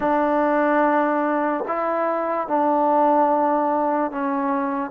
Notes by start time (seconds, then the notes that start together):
0.00 D4
1.67 E4
2.47 D4
4.11 C#4